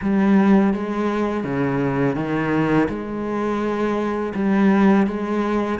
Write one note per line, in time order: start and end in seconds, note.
0.01 0.73 G3
0.73 1.44 G#3
1.44 2.15 C#3
2.15 2.88 D#3
2.88 4.33 G#3
4.34 5.06 G3
5.06 5.79 G#3